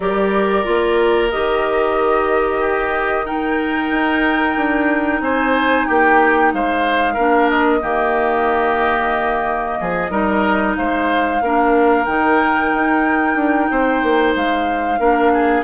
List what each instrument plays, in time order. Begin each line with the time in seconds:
0.00 bassoon G3, clarinet G4, oboe A#4, flute D5
0.64 bassoon A#3, clarinet F4
1.30 bassoon D#3, clarinet G4, flute D#5
2.60 oboe G4
3.24 clarinet D#4, oboe A#4, flute G5
3.90 bassoon D#4
4.56 bassoon D4
5.20 bassoon C4, oboe C5, flute G#5
5.87 bassoon A#3, oboe G4, flute G5
6.53 bassoon G#3, oboe C5, flute F5
7.13 bassoon A#3, clarinet D4, oboe A#4
7.49 flute D#5
7.80 bassoon D#3, clarinet A#3, oboe G4
9.80 bassoon F3, oboe G#4
10.10 bassoon G3, clarinet D#4, oboe A#4
10.76 bassoon G#3, oboe C5, flute F5
11.41 bassoon A#3, clarinet D4, oboe A#4
12.05 bassoon D#3, clarinet D#4, flute G5
12.74 bassoon D#4
13.35 bassoon D4
13.70 bassoon C4, oboe C5
14.02 bassoon A#3
14.35 bassoon G#3, flute F5
14.98 bassoon A#3, clarinet D4, oboe A#4
15.33 oboe G#4